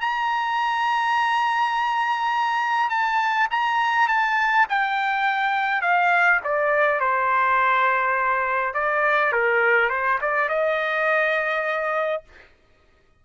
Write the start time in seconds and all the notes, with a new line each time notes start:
0.00 A#5
2.89 A5
3.51 A#5
4.08 A5
4.69 G5
5.81 F5
6.44 D5
7.00 C5
8.74 D5
9.32 A#4
9.90 C5
10.21 D5
10.49 D#5